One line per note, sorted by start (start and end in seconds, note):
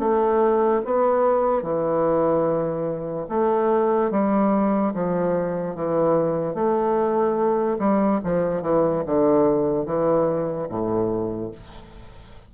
0.00 0.82 A3
0.85 1.63 B3
1.63 3.27 E3
3.30 4.11 A3
4.11 4.94 G3
4.95 5.76 F3
5.76 6.55 E3
6.55 7.78 A3
7.79 8.20 G3
8.25 8.63 F3
8.63 9.04 E3
9.06 9.86 D3
9.86 10.68 E3
10.69 11.51 A2